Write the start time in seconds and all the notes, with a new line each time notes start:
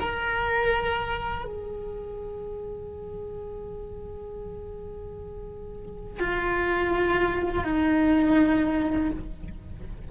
0.00 A#4
1.44 G#4
6.20 F4
7.64 D#4